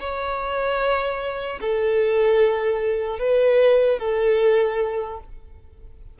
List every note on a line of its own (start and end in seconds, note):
0.00 1.60 C#5
1.61 3.19 A4
3.19 3.99 B4
3.99 5.19 A4